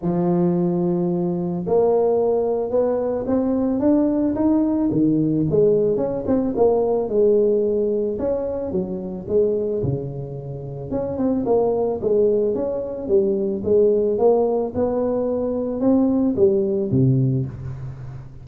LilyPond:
\new Staff \with { instrumentName = "tuba" } { \time 4/4 \tempo 4 = 110 f2. ais4~ | ais4 b4 c'4 d'4 | dis'4 dis4 gis4 cis'8 c'8 | ais4 gis2 cis'4 |
fis4 gis4 cis2 | cis'8 c'8 ais4 gis4 cis'4 | g4 gis4 ais4 b4~ | b4 c'4 g4 c4 | }